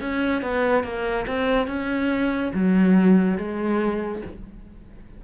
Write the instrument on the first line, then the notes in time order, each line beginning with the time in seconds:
cello
0.00 C#4
0.42 B3
0.84 A#3
1.27 C4
1.67 C#4
2.54 F#3
3.38 G#3